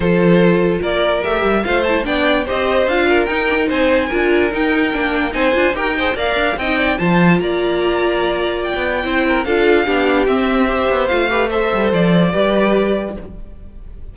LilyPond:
<<
  \new Staff \with { instrumentName = "violin" } { \time 4/4 \tempo 4 = 146 c''2 d''4 e''4 | f''8 a''8 g''4 dis''4 f''4 | g''4 gis''2 g''4~ | g''4 gis''4 g''4 f''4 |
g''4 a''4 ais''2~ | ais''4 g''2 f''4~ | f''4 e''2 f''4 | e''4 d''2. | }
  \new Staff \with { instrumentName = "violin" } { \time 4/4 a'2 ais'2 | c''4 d''4 c''4. ais'8~ | ais'4 c''4 ais'2~ | ais'4 c''4 ais'8 c''8 d''4 |
dis''8 d''8 c''4 d''2~ | d''2 c''8 ais'8 a'4 | g'2 c''4. b'8 | c''2 b'2 | }
  \new Staff \with { instrumentName = "viola" } { \time 4/4 f'2. g'4 | f'8 e'8 d'4 g'4 f'4 | dis'8 d'16 dis'4~ dis'16 f'4 dis'4 | d'4 dis'8 f'8 g'8 gis'8 ais'4 |
dis'4 f'2.~ | f'2 e'4 f'4 | d'4 c'4 g'4 f'8 g'8 | a'2 g'2 | }
  \new Staff \with { instrumentName = "cello" } { \time 4/4 f2 ais4 a8 g8 | a4 b4 c'4 d'4 | dis'4 c'4 d'4 dis'4 | ais4 c'8 d'8 dis'4 ais8 d'8 |
c'4 f4 ais2~ | ais4~ ais16 b8. c'4 d'4 | b4 c'4. b8 a4~ | a8 g8 f4 g2 | }
>>